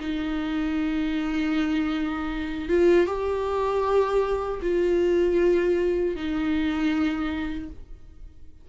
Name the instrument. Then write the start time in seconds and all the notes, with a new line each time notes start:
viola
0.00 D#4
2.69 F4
3.06 G4
4.62 F4
6.15 D#4